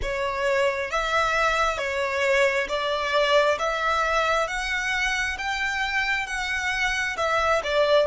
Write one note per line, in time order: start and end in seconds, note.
0.02 0.90 C#5
0.90 1.77 E5
1.77 2.67 C#5
2.68 3.58 D5
3.58 4.47 E5
4.47 5.37 F#5
5.37 6.26 G5
6.26 7.16 F#5
7.16 7.61 E5
7.63 8.07 D5